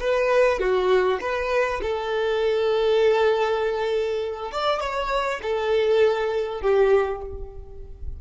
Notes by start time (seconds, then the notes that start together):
0.00 B4
0.60 F#4
1.21 B4
1.82 A4
4.52 D5
4.81 C#5
5.42 A4
6.62 G4